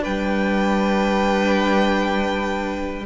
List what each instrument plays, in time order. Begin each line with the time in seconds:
0.00 cello G3, viola D4, violin B4 G5